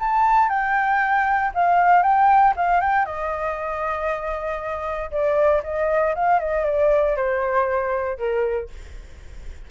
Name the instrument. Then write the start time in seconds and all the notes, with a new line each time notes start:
flute
0.00 A5
0.49 G5
1.55 F5
2.03 G5
2.57 F5
2.81 G5
3.06 D#5
5.11 D5
5.64 D#5
6.16 F5
6.40 D#5
6.66 D5
7.17 C5
8.18 A#4